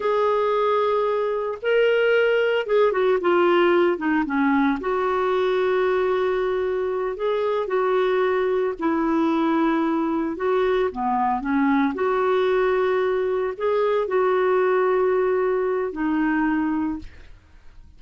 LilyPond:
\new Staff \with { instrumentName = "clarinet" } { \time 4/4 \tempo 4 = 113 gis'2. ais'4~ | ais'4 gis'8 fis'8 f'4. dis'8 | cis'4 fis'2.~ | fis'4. gis'4 fis'4.~ |
fis'8 e'2. fis'8~ | fis'8 b4 cis'4 fis'4.~ | fis'4. gis'4 fis'4.~ | fis'2 dis'2 | }